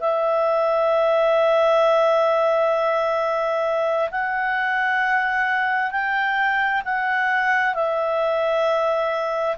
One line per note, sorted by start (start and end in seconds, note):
0.00 4.09 E5
4.10 5.90 F#5
5.90 6.81 G5
6.84 7.74 F#5
7.74 9.56 E5